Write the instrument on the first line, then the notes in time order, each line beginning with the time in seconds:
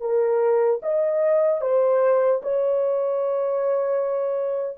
horn
0.00 A#4
0.82 D#5
1.61 C5
2.42 C#5